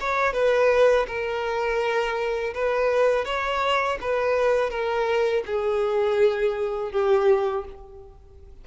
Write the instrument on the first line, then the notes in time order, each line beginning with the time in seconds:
violin
0.00 C#5
0.33 B4
1.07 A#4
2.54 B4
3.25 C#5
4.01 B4
4.70 A#4
5.46 G#4
6.92 G4